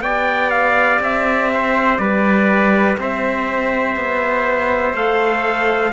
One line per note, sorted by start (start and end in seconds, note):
0.00 0.98 B3
0.00 4.93 G4
0.00 1.51 D5
0.00 0.50 G5
0.50 1.00 F5
1.00 1.99 C4
1.00 1.98 E5
1.54 2.00 C5
1.98 2.97 G3
1.98 2.99 B4
1.98 2.96 D5
2.98 3.96 C4
2.98 5.93 C5
2.98 4.95 E5
3.96 4.94 B3
4.93 5.92 A3
4.93 5.92 A4
4.93 5.93 F5